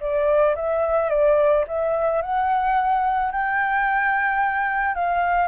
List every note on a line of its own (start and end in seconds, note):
0.00 0.55 D5
0.55 1.10 E5
1.10 1.65 D5
1.67 2.22 E5
2.22 3.32 F#5
3.32 4.95 G5
4.95 5.48 F5